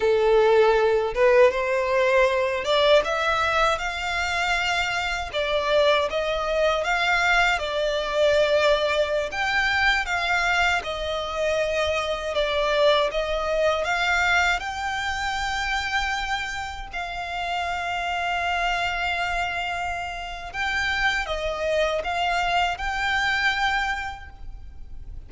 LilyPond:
\new Staff \with { instrumentName = "violin" } { \time 4/4 \tempo 4 = 79 a'4. b'8 c''4. d''8 | e''4 f''2 d''4 | dis''4 f''4 d''2~ | d''16 g''4 f''4 dis''4.~ dis''16~ |
dis''16 d''4 dis''4 f''4 g''8.~ | g''2~ g''16 f''4.~ f''16~ | f''2. g''4 | dis''4 f''4 g''2 | }